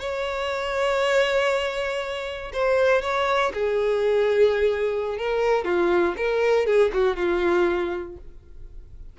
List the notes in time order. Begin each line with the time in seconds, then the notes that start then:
0.00 C#5
2.53 C5
3.02 C#5
3.54 G#4
5.18 A#4
5.65 F4
6.17 A#4
6.66 G#4
6.94 F#4
7.16 F4